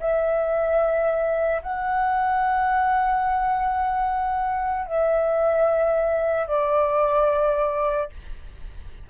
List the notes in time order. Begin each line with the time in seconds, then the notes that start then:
0.00 E5
1.62 F#5
4.86 E5
6.47 D5